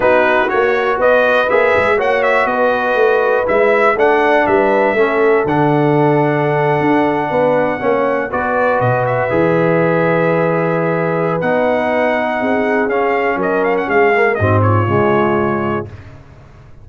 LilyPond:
<<
  \new Staff \with { instrumentName = "trumpet" } { \time 4/4 \tempo 4 = 121 b'4 cis''4 dis''4 e''4 | fis''8 e''8 dis''2 e''4 | fis''4 e''2 fis''4~ | fis''1~ |
fis''8. d''4 dis''8 e''4.~ e''16~ | e''2. fis''4~ | fis''2 f''4 dis''8 f''16 fis''16 | f''4 dis''8 cis''2~ cis''8 | }
  \new Staff \with { instrumentName = "horn" } { \time 4/4 fis'2 b'2 | cis''4 b'2. | d''4 b'4 a'2~ | a'2~ a'8. b'4 cis''16~ |
cis''8. b'2.~ b'16~ | b'1~ | b'4 gis'2 ais'4 | gis'4 fis'8 f'2~ f'8 | }
  \new Staff \with { instrumentName = "trombone" } { \time 4/4 dis'4 fis'2 gis'4 | fis'2. e'4 | d'2 cis'4 d'4~ | d'2.~ d'8. cis'16~ |
cis'8. fis'2 gis'4~ gis'16~ | gis'2. dis'4~ | dis'2 cis'2~ | cis'8 ais8 c'4 gis2 | }
  \new Staff \with { instrumentName = "tuba" } { \time 4/4 b4 ais4 b4 ais8 gis8 | ais4 b4 a4 gis4 | a4 g4 a4 d4~ | d4.~ d16 d'4 b4 ais16~ |
ais8. b4 b,4 e4~ e16~ | e2. b4~ | b4 c'4 cis'4 fis4 | gis4 gis,4 cis2 | }
>>